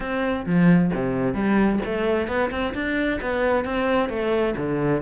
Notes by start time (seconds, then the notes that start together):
0.00 C4
0.45 F3
0.93 C3
1.33 G3
1.85 A3
2.27 B3
2.50 C4
2.74 D4
3.21 B3
3.65 C4
4.09 A3
4.56 D3